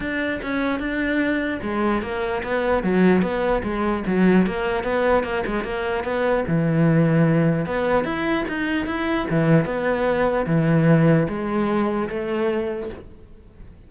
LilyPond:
\new Staff \with { instrumentName = "cello" } { \time 4/4 \tempo 4 = 149 d'4 cis'4 d'2 | gis4 ais4 b4 fis4 | b4 gis4 fis4 ais4 | b4 ais8 gis8 ais4 b4 |
e2. b4 | e'4 dis'4 e'4 e4 | b2 e2 | gis2 a2 | }